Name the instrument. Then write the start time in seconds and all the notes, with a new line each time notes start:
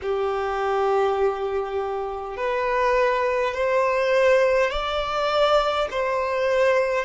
violin
0.02 G4
2.36 B4
3.54 C5
4.70 D5
5.90 C5